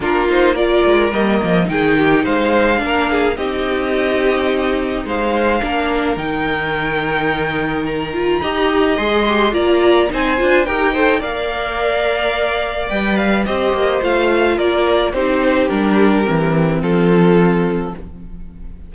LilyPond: <<
  \new Staff \with { instrumentName = "violin" } { \time 4/4 \tempo 4 = 107 ais'8 c''8 d''4 dis''4 g''4 | f''2 dis''2~ | dis''4 f''2 g''4~ | g''2 ais''2 |
c'''4 ais''4 gis''4 g''4 | f''2. g''8 f''8 | dis''4 f''4 d''4 c''4 | ais'2 a'2 | }
  \new Staff \with { instrumentName = "violin" } { \time 4/4 f'4 ais'2 gis'8 g'8 | c''4 ais'8 gis'8 g'2~ | g'4 c''4 ais'2~ | ais'2. dis''4~ |
dis''4 d''4 c''4 ais'8 c''8 | d''1 | c''2 ais'4 g'4~ | g'2 f'2 | }
  \new Staff \with { instrumentName = "viola" } { \time 4/4 d'8 dis'8 f'4 ais4 dis'4~ | dis'4 d'4 dis'2~ | dis'2 d'4 dis'4~ | dis'2~ dis'8 f'8 g'4 |
gis'8 g'8 f'4 dis'8 f'8 g'8 a'8 | ais'2. b'4 | g'4 f'2 dis'4 | d'4 c'2. | }
  \new Staff \with { instrumentName = "cello" } { \time 4/4 ais4. gis8 g8 f8 dis4 | gis4 ais4 c'2~ | c'4 gis4 ais4 dis4~ | dis2. dis'4 |
gis4 ais4 c'8 d'8 dis'4 | ais2. g4 | c'8 ais8 a4 ais4 c'4 | g4 e4 f2 | }
>>